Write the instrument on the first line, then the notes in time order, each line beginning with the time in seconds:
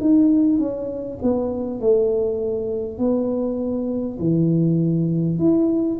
tuba
0.00 D#4
0.58 C#4
1.22 B3
1.80 A3
2.98 B3
4.19 E3
5.39 E4